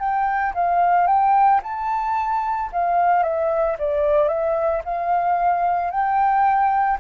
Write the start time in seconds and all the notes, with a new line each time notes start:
0.00 G5
0.55 F5
1.07 G5
1.64 A5
2.73 F5
3.24 E5
3.79 D5
4.29 E5
4.85 F5
5.91 G5